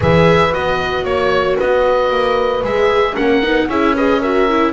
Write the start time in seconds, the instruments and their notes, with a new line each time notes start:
0.00 double bass E3, viola G#4, horn B4, oboe E5
0.51 double bass B3, viola F#4, oboe D#5
1.03 double bass A#3, horn C#5, oboe C#5
1.57 double bass B3, horn B4, oboe D#5
2.10 double bass A#3
2.63 double bass G#3, viola G#4, oboe E5
3.15 double bass A#3, viola C#4, horn A#4, oboe F#5
3.42 double bass B3, viola D#4
3.67 double bass C#4, viola E4, horn G#4, oboe E5
3.94 viola G#4, horn B4, oboe D#5
4.20 viola F#4, horn A#4, oboe E5
4.49 viola E4